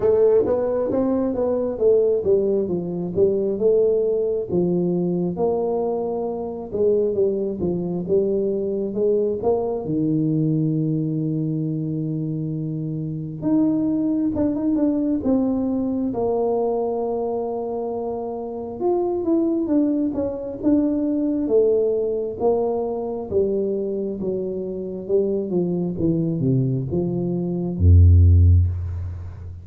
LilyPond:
\new Staff \with { instrumentName = "tuba" } { \time 4/4 \tempo 4 = 67 a8 b8 c'8 b8 a8 g8 f8 g8 | a4 f4 ais4. gis8 | g8 f8 g4 gis8 ais8 dis4~ | dis2. dis'4 |
d'16 dis'16 d'8 c'4 ais2~ | ais4 f'8 e'8 d'8 cis'8 d'4 | a4 ais4 g4 fis4 | g8 f8 e8 c8 f4 f,4 | }